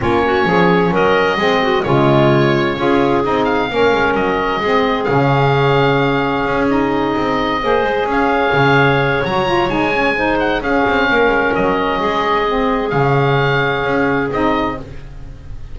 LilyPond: <<
  \new Staff \with { instrumentName = "oboe" } { \time 4/4 \tempo 4 = 130 cis''2 dis''2 | cis''2. dis''8 f''8~ | f''4 dis''2 f''4~ | f''2~ f''8 dis''4.~ |
dis''4. f''2~ f''8 | ais''4 gis''4. fis''8 f''4~ | f''4 dis''2. | f''2. dis''4 | }
  \new Staff \with { instrumentName = "clarinet" } { \time 4/4 f'8 fis'8 gis'4 ais'4 gis'8 fis'8 | f'2 gis'2 | ais'2 gis'2~ | gis'1~ |
gis'8 c''4 cis''2~ cis''8~ | cis''2 c''4 gis'4 | ais'2 gis'2~ | gis'1 | }
  \new Staff \with { instrumentName = "saxophone" } { \time 4/4 cis'2. c'4 | gis2 f'4 dis'4 | cis'2 c'4 cis'4~ | cis'2~ cis'8 dis'4.~ |
dis'8 gis'2.~ gis'8 | fis'8 f'8 dis'8 cis'8 dis'4 cis'4~ | cis'2. c'4 | cis'2. dis'4 | }
  \new Staff \with { instrumentName = "double bass" } { \time 4/4 ais4 f4 fis4 gis4 | cis2 cis'4 c'4 | ais8 gis8 fis4 gis4 cis4~ | cis2 cis'4. c'8~ |
c'8 ais8 gis8 cis'4 cis4. | fis4 gis2 cis'8 c'8 | ais8 gis8 fis4 gis2 | cis2 cis'4 c'4 | }
>>